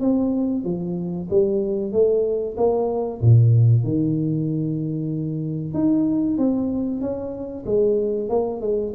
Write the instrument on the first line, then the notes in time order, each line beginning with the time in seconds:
tuba
0.00 C4
0.64 F3
1.30 G3
1.92 A3
2.56 A#3
3.21 A#2
3.83 D#3
5.73 D#4
6.37 C4
7.00 C#4
7.65 G#3
8.29 A#3
8.61 G#3